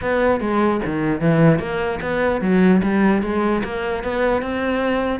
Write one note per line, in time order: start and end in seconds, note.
0.01 0.40 B3
0.40 0.80 G#3
0.85 1.21 D#3
1.21 1.59 E3
1.59 1.99 A#3
2.01 2.41 B3
2.41 2.81 F#3
2.82 3.22 G3
3.22 3.62 G#3
3.64 4.03 A#3
4.03 4.42 B3
4.42 5.20 C4